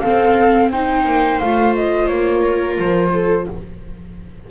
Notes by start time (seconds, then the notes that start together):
0.00 C4 A4 F5
0.71 D#4 C5 G5
1.05 A#3
1.39 A3 F4 F5
1.75 D#5
2.07 A#3 C#5
2.41 A#4
2.78 F3 C5
3.12 A4